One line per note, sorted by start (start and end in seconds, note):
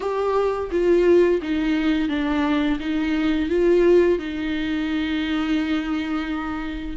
0.00 0.70 G4
0.71 1.40 F4
1.41 2.09 D#4
2.09 2.78 D4
2.79 3.49 D#4
3.49 4.19 F4
4.19 6.96 D#4